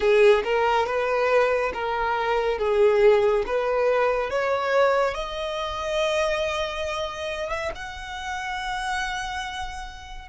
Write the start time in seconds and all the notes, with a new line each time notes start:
0.00 G#4
0.44 A#4
0.86 B4
1.73 A#4
2.58 G#4
3.46 B4
4.30 C#5
5.14 D#5
7.50 E5
7.75 F#5